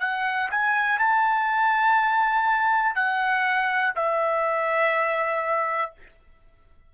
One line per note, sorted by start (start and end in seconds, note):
0.00 0.49 F#5
0.51 0.99 G#5
0.99 2.95 A5
2.95 3.93 F#5
3.95 5.92 E5